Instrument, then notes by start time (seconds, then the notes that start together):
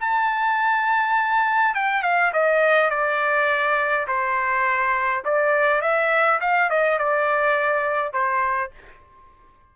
trumpet
0.00 A5
1.74 G5
2.03 F5
2.33 D#5
2.90 D5
4.07 C5
5.25 D5
5.81 E5
6.41 F5
6.70 D#5
6.99 D5
8.13 C5